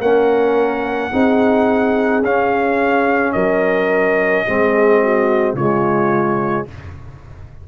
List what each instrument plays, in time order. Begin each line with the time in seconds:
0.00 tuba A#3, trombone C#4, horn A#4, trumpet F#5
1.12 tuba C4, trombone D#4, horn G#4
2.22 tuba C#4, trombone C#4, trumpet F5
3.33 tuba F#3, horn A#4, trumpet D#5
4.46 tuba G#3, trombone C4, horn G#4
5.03 horn F#4
5.54 tuba C#3, trombone G#3, horn F4, trumpet C#5